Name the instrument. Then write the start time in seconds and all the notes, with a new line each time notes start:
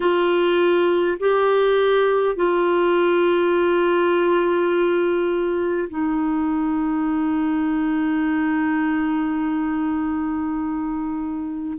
clarinet
0.00 F4
1.19 G4
2.35 F4
5.89 D#4